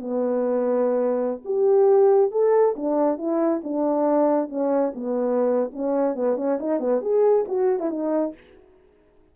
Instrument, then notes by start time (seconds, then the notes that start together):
horn
0.00 B3
1.45 G4
2.31 A4
2.76 D4
3.18 E4
3.63 D4
4.49 C#4
4.94 B3
5.73 C#4
6.15 B3
6.36 C#4
6.60 D#4
6.80 B3
7.02 G#4
7.48 F#4
7.80 E4
7.90 D#4